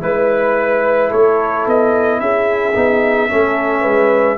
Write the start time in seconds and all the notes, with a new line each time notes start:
0.00 G#3 E4 B4
1.09 A3 A4 C#5
1.66 B3 D#5
2.20 C#4 G#4 E5
2.74 B3 D#4
3.28 A3 C#4 A4
3.81 G#3 B4